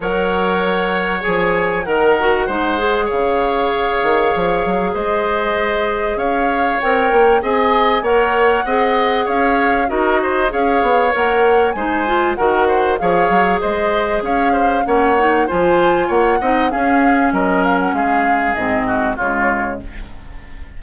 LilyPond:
<<
  \new Staff \with { instrumentName = "flute" } { \time 4/4 \tempo 4 = 97 fis''2 gis''4 fis''4~ | fis''4 f''2. | dis''2 f''4 g''4 | gis''4 fis''2 f''4 |
dis''4 f''4 fis''4 gis''4 | fis''4 f''4 dis''4 f''4 | fis''4 gis''4 fis''4 f''4 | dis''8 f''16 fis''16 f''4 dis''4 cis''4 | }
  \new Staff \with { instrumentName = "oboe" } { \time 4/4 cis''2. ais'4 | c''4 cis''2. | c''2 cis''2 | dis''4 cis''4 dis''4 cis''4 |
ais'8 c''8 cis''2 c''4 | ais'8 c''8 cis''4 c''4 cis''8 c''8 | cis''4 c''4 cis''8 dis''8 gis'4 | ais'4 gis'4. fis'8 f'4 | }
  \new Staff \with { instrumentName = "clarinet" } { \time 4/4 ais'2 gis'4 ais'8 fis'8 | dis'8 gis'2.~ gis'8~ | gis'2. ais'4 | gis'4 ais'4 gis'2 |
fis'4 gis'4 ais'4 dis'8 f'8 | fis'4 gis'2. | cis'8 dis'8 f'4. dis'8 cis'4~ | cis'2 c'4 gis4 | }
  \new Staff \with { instrumentName = "bassoon" } { \time 4/4 fis2 f4 dis4 | gis4 cis4. dis8 f8 fis8 | gis2 cis'4 c'8 ais8 | c'4 ais4 c'4 cis'4 |
dis'4 cis'8 b8 ais4 gis4 | dis4 f8 fis8 gis4 cis'4 | ais4 f4 ais8 c'8 cis'4 | fis4 gis4 gis,4 cis4 | }
>>